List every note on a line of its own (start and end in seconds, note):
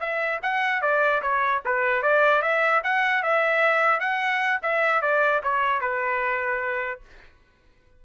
0.00 0.40 E5
0.43 0.81 F#5
0.81 1.21 D5
1.22 1.62 C#5
1.65 2.02 B4
2.02 2.42 D5
2.42 2.82 E5
2.83 3.23 F#5
3.23 4.00 E5
4.00 4.60 F#5
4.62 5.01 E5
5.01 5.41 D5
5.43 5.81 C#5
5.81 7.01 B4